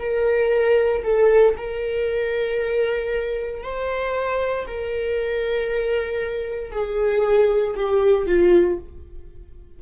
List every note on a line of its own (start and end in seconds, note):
0.00 1.03 A#4
1.04 1.56 A4
1.58 3.63 A#4
3.63 4.67 C5
4.67 6.72 A#4
6.72 7.75 G#4
7.76 8.27 G4
8.27 8.79 F4